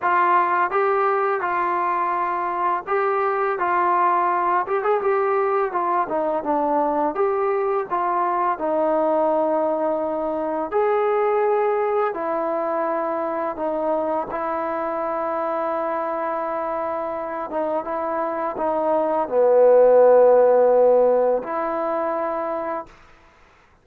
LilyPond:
\new Staff \with { instrumentName = "trombone" } { \time 4/4 \tempo 4 = 84 f'4 g'4 f'2 | g'4 f'4. g'16 gis'16 g'4 | f'8 dis'8 d'4 g'4 f'4 | dis'2. gis'4~ |
gis'4 e'2 dis'4 | e'1~ | e'8 dis'8 e'4 dis'4 b4~ | b2 e'2 | }